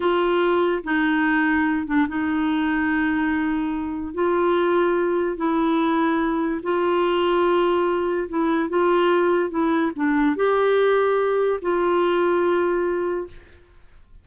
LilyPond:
\new Staff \with { instrumentName = "clarinet" } { \time 4/4 \tempo 4 = 145 f'2 dis'2~ | dis'8 d'8 dis'2.~ | dis'2 f'2~ | f'4 e'2. |
f'1 | e'4 f'2 e'4 | d'4 g'2. | f'1 | }